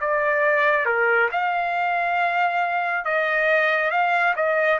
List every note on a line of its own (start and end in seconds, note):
0.00 0.85 D5
0.85 1.29 A#4
1.32 3.05 F5
3.05 3.91 D#5
3.91 4.34 F5
4.36 4.79 D#5